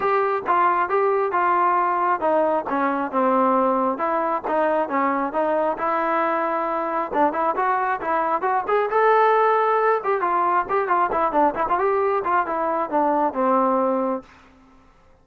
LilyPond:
\new Staff \with { instrumentName = "trombone" } { \time 4/4 \tempo 4 = 135 g'4 f'4 g'4 f'4~ | f'4 dis'4 cis'4 c'4~ | c'4 e'4 dis'4 cis'4 | dis'4 e'2. |
d'8 e'8 fis'4 e'4 fis'8 gis'8 | a'2~ a'8 g'8 f'4 | g'8 f'8 e'8 d'8 e'16 f'16 g'4 f'8 | e'4 d'4 c'2 | }